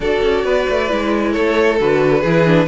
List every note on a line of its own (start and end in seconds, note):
0.00 0.21 D4
0.00 0.88 F#4
0.00 0.44 A4
0.00 1.32 D5
0.22 0.44 C#4
0.44 0.66 B3
0.44 1.32 B4
0.69 0.91 A3
0.88 1.35 G#3
0.88 1.78 E4
1.32 1.80 A3
1.32 2.20 A4
1.32 1.77 C#5
1.79 2.24 D3
1.79 2.24 F#4
1.79 2.67 B4
2.20 2.67 E3
2.20 2.46 E4
2.20 2.65 G#4
2.46 2.67 D4